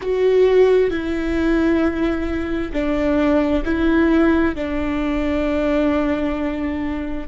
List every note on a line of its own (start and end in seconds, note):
0.01 0.90 F#4
0.90 2.72 E4
2.72 3.63 D4
3.64 4.55 E4
4.55 7.27 D4